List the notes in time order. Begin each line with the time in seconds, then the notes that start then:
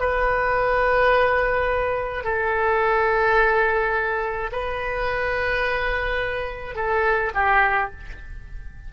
0.00 B4
2.24 A4
4.52 B4
6.76 A4
7.35 G4